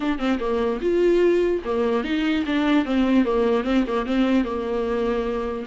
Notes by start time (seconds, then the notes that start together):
0.00 D4
0.18 C4
0.39 A#3
0.81 F4
1.64 A#3
2.03 D#4
2.46 D4
2.85 C4
3.24 A#3
3.64 C4
3.87 A#3
4.06 C4
4.44 A#3